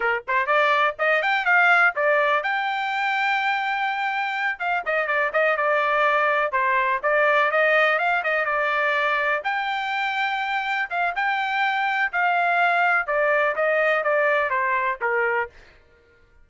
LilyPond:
\new Staff \with { instrumentName = "trumpet" } { \time 4/4 \tempo 4 = 124 ais'8 c''8 d''4 dis''8 g''8 f''4 | d''4 g''2.~ | g''4. f''8 dis''8 d''8 dis''8 d''8~ | d''4. c''4 d''4 dis''8~ |
dis''8 f''8 dis''8 d''2 g''8~ | g''2~ g''8 f''8 g''4~ | g''4 f''2 d''4 | dis''4 d''4 c''4 ais'4 | }